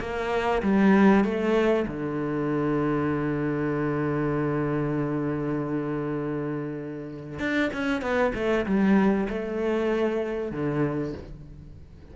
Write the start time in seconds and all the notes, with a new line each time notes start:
0.00 A#3
0.62 G3
1.24 A3
1.87 D3
7.39 D4
7.73 C#4
8.02 B3
8.34 A3
8.66 G3
9.29 A3
10.52 D3